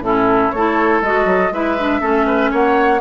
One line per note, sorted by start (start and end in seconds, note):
0.00 0.50 A2
0.00 0.53 C#4
0.00 0.55 E4
0.00 0.51 A4
0.51 1.01 A3
0.51 1.04 E4
0.51 1.54 A4
0.51 1.01 C#5
1.01 1.25 G#3
1.01 1.53 F#4
1.01 1.53 D#5
1.25 1.50 F#3
1.51 2.01 G#3
1.51 1.78 E4
1.51 2.01 B4
1.51 2.53 E5
1.78 2.01 D4
2.01 2.52 A3
2.01 3.01 C#4
2.01 2.26 A4
2.26 2.51 B4
2.51 3.01 A#3
2.51 3.01 C#5
2.51 3.01 F#5